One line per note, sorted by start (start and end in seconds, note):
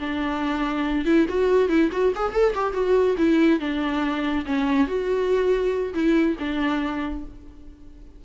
0.00 1.06 D4
1.06 1.27 E4
1.29 1.69 F#4
1.69 1.91 E4
1.92 2.14 F#4
2.16 2.33 G#4
2.33 2.54 A4
2.55 2.74 G4
2.74 3.16 F#4
3.18 3.60 E4
3.60 4.45 D4
4.46 4.88 C#4
4.88 5.94 F#4
5.94 6.37 E4
6.40 7.25 D4